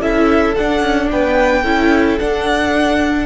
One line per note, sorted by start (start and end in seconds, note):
0.00 0.55 C#4
0.00 0.55 E4
0.00 1.09 A4
0.00 0.55 E5
0.55 1.64 D4
0.55 0.80 D4
0.55 1.09 F#5
0.80 1.07 C#4
1.11 1.63 B3
1.11 1.62 B4
1.11 2.18 G5
1.62 2.18 C#4
1.62 2.19 E4
1.62 3.26 A4
2.18 3.26 D4
2.18 3.26 F#5